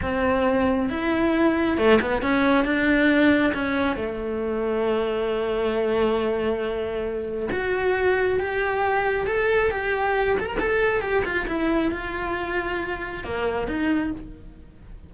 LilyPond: \new Staff \with { instrumentName = "cello" } { \time 4/4 \tempo 4 = 136 c'2 e'2 | a8 b8 cis'4 d'2 | cis'4 a2.~ | a1~ |
a4 fis'2 g'4~ | g'4 a'4 g'4. a'16 ais'16 | a'4 g'8 f'8 e'4 f'4~ | f'2 ais4 dis'4 | }